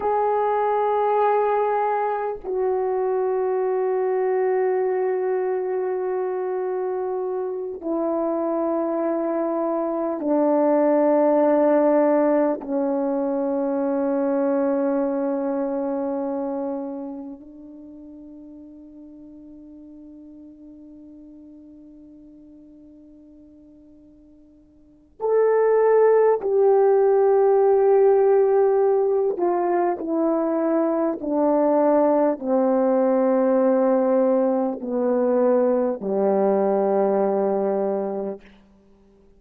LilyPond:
\new Staff \with { instrumentName = "horn" } { \time 4/4 \tempo 4 = 50 gis'2 fis'2~ | fis'2~ fis'8 e'4.~ | e'8 d'2 cis'4.~ | cis'2~ cis'8 d'4.~ |
d'1~ | d'4 a'4 g'2~ | g'8 f'8 e'4 d'4 c'4~ | c'4 b4 g2 | }